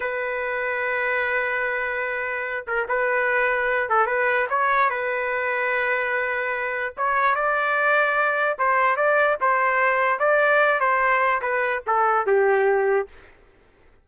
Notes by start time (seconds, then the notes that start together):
0.00 B4
2.67 A#4
2.88 B4
3.89 A4
4.06 B4
4.49 C#5
4.89 B4
6.97 C#5
7.35 D5
8.58 C5
8.96 D5
9.40 C5
10.19 D5
10.80 C5
11.41 B4
11.86 A4
12.26 G4